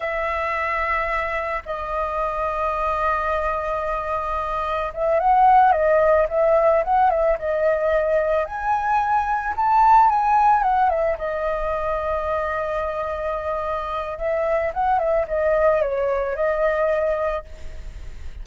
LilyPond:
\new Staff \with { instrumentName = "flute" } { \time 4/4 \tempo 4 = 110 e''2. dis''4~ | dis''1~ | dis''4 e''8 fis''4 dis''4 e''8~ | e''8 fis''8 e''8 dis''2 gis''8~ |
gis''4. a''4 gis''4 fis''8 | e''8 dis''2.~ dis''8~ | dis''2 e''4 fis''8 e''8 | dis''4 cis''4 dis''2 | }